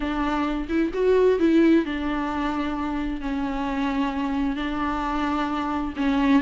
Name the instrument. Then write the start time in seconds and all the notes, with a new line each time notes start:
viola
0.00 D4
0.68 E4
0.93 F#4
1.39 E4
1.85 D4
3.20 C#4
4.56 D4
5.96 C#4